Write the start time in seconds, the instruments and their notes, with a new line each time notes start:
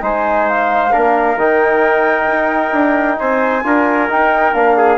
0.00 bassoon G#3, trombone D#4, trumpet C5, flute G#5
0.49 flute F5
0.92 bassoon A#3, trombone D4, trumpet A#4
1.36 bassoon D#3, trombone D#4, flute G5
2.26 bassoon D#4
2.71 bassoon D4
3.19 bassoon C4, trumpet C5, flute G#5
3.63 bassoon D4, trombone F4, trumpet A#4
4.08 trombone D#4, bassoon D#4, flute G5
4.53 bassoon A#3, trombone D4, flute F5
4.77 trumpet G#4